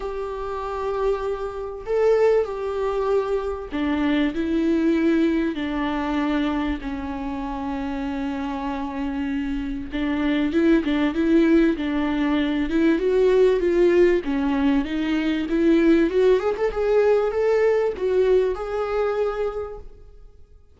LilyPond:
\new Staff \with { instrumentName = "viola" } { \time 4/4 \tempo 4 = 97 g'2. a'4 | g'2 d'4 e'4~ | e'4 d'2 cis'4~ | cis'1 |
d'4 e'8 d'8 e'4 d'4~ | d'8 e'8 fis'4 f'4 cis'4 | dis'4 e'4 fis'8 gis'16 a'16 gis'4 | a'4 fis'4 gis'2 | }